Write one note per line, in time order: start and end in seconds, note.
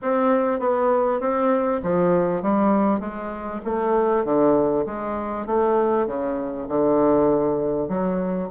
0.02 0.59 C4
0.59 1.20 B3
1.20 1.81 C4
1.82 2.42 F3
2.42 3.00 G3
3.00 3.60 G#3
3.64 4.25 A3
4.25 4.85 D3
4.86 5.46 G#3
5.46 6.06 A3
6.06 6.67 C#3
6.68 7.88 D3
7.88 8.48 F#3